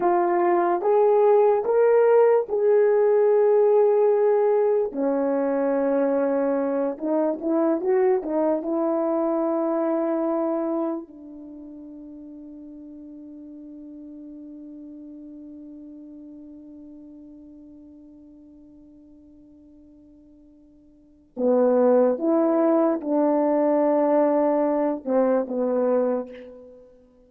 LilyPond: \new Staff \with { instrumentName = "horn" } { \time 4/4 \tempo 4 = 73 f'4 gis'4 ais'4 gis'4~ | gis'2 cis'2~ | cis'8 dis'8 e'8 fis'8 dis'8 e'4.~ | e'4. d'2~ d'8~ |
d'1~ | d'1~ | d'2 b4 e'4 | d'2~ d'8 c'8 b4 | }